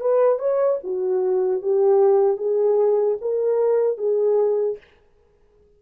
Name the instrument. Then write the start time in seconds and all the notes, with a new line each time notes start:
horn
0.00 B4
0.38 C#5
0.83 F#4
1.62 G4
2.37 G#4
3.21 A#4
3.97 G#4